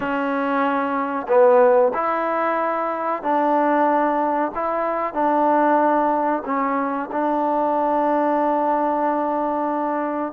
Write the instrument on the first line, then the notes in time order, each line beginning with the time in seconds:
trombone
0.00 C#4
1.28 B3
1.94 E4
3.23 D4
4.54 E4
5.13 D4
6.45 C#4
7.11 D4